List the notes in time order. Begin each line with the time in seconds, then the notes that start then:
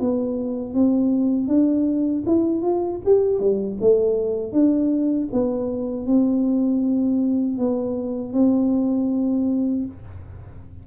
0.00 B3
0.74 C4
1.48 D4
2.26 E4
2.62 F4
3.06 G4
3.40 G3
3.81 A3
4.53 D4
5.33 B3
6.07 C4
7.58 B3
8.33 C4